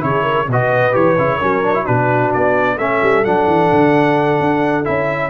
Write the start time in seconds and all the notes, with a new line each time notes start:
0.00 C#3 E4 G#4 C#5
0.23 A#4
0.48 B2 F#4 B4 D#5
0.92 E3 G4 C#5
1.18 C#3 E4
1.38 F#3 C#4 A#4
1.63 D4
1.75 E4
1.86 B2 D4 F#4 B4
2.33 B3 D5
2.77 A3 C#4 A4 E5
3.02 G3
3.24 F#3 D4 F#5
3.47 E3
3.72 D3
4.40 D4
4.85 C#4 E4 E5